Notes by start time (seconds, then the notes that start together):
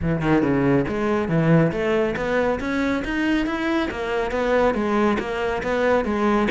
0.02 E3
0.21 D#3
0.42 C#3
0.88 G#3
1.28 E3
1.71 A3
2.16 B3
2.59 C#4
3.04 D#4
3.46 E4
3.91 A#3
4.31 B3
4.74 G#3
5.19 A#3
5.62 B3
6.05 G#3